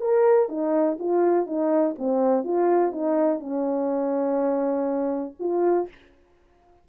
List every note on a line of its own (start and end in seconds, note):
0.00 0.48 A#4
0.48 0.97 D#4
0.99 1.46 F4
1.46 1.95 D#4
1.98 2.43 C4
2.43 2.92 F4
2.92 3.39 D#4
3.39 5.34 C#4
5.39 5.88 F4